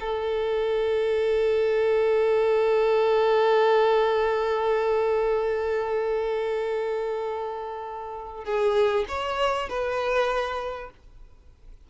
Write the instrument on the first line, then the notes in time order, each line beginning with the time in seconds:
violin
0.00 A4
8.45 G#4
9.08 C#5
9.69 B4